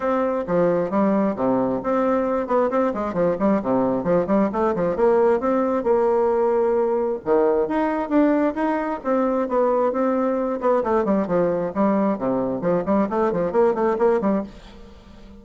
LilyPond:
\new Staff \with { instrumentName = "bassoon" } { \time 4/4 \tempo 4 = 133 c'4 f4 g4 c4 | c'4. b8 c'8 gis8 f8 g8 | c4 f8 g8 a8 f8 ais4 | c'4 ais2. |
dis4 dis'4 d'4 dis'4 | c'4 b4 c'4. b8 | a8 g8 f4 g4 c4 | f8 g8 a8 f8 ais8 a8 ais8 g8 | }